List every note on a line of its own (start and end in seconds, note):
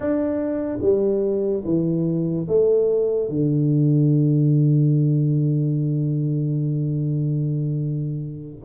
0.00 0.78 D4
0.81 1.63 G3
1.64 2.47 E3
2.48 3.29 A3
3.29 8.63 D3